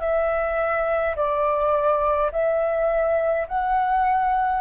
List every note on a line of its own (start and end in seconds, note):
0.00 1.15 E5
1.15 2.31 D5
2.31 3.47 E5
3.48 4.61 F#5